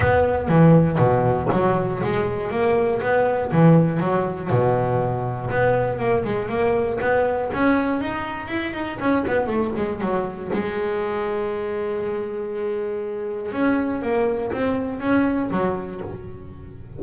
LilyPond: \new Staff \with { instrumentName = "double bass" } { \time 4/4 \tempo 4 = 120 b4 e4 b,4 fis4 | gis4 ais4 b4 e4 | fis4 b,2 b4 | ais8 gis8 ais4 b4 cis'4 |
dis'4 e'8 dis'8 cis'8 b8 a8 gis8 | fis4 gis2.~ | gis2. cis'4 | ais4 c'4 cis'4 fis4 | }